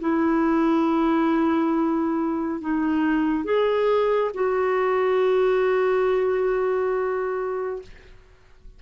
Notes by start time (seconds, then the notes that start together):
0.00 E4
2.61 D#4
3.44 G#4
4.34 F#4